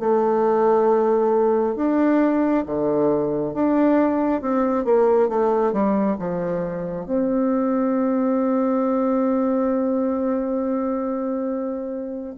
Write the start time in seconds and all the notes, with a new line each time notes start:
0.00 A3
1.76 D4
2.66 D3
3.54 D4
4.42 C4
4.85 A#3
5.29 A3
5.73 G3
6.19 F3
7.06 C4